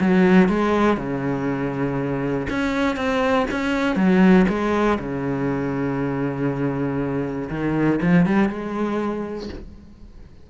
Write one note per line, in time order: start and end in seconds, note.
0.00 0.49 F#3
0.49 0.97 G#3
0.97 2.47 C#3
2.50 2.96 C#4
2.96 3.46 C4
3.51 3.96 C#4
3.96 4.46 F#3
4.49 4.99 G#3
4.99 7.49 C#3
7.50 8.00 D#3
8.02 8.26 F3
8.26 8.49 G3
8.49 9.49 G#3